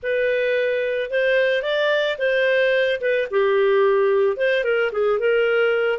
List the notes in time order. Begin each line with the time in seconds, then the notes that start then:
0.02 B4
1.10 C5
1.62 D5
2.18 C5
3.00 B4
3.30 G4
4.36 C5
4.64 A#4
4.91 G#4
5.19 A#4